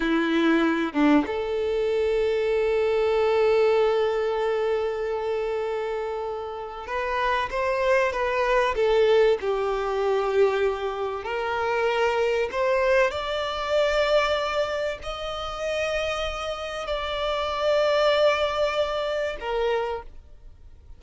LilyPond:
\new Staff \with { instrumentName = "violin" } { \time 4/4 \tempo 4 = 96 e'4. d'8 a'2~ | a'1~ | a'2. b'4 | c''4 b'4 a'4 g'4~ |
g'2 ais'2 | c''4 d''2. | dis''2. d''4~ | d''2. ais'4 | }